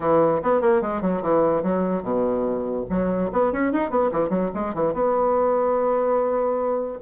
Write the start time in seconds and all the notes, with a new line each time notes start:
0.00 E3
0.42 B3
0.61 A#3
0.81 G#3
1.01 F#3
1.22 E3
1.62 F#3
2.02 B2
2.89 F#3
3.32 B3
3.52 C#4
3.72 D#4
3.90 B3
4.11 E3
4.29 F#3
4.54 G#3
4.74 E3
4.93 B3